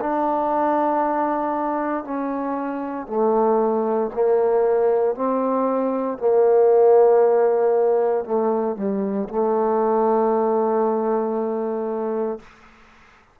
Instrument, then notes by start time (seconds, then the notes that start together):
trombone
0.00 D4
2.04 C#4
3.07 A3
4.13 A#3
5.15 C4
6.18 A#3
8.24 A3
8.76 G3
9.29 A3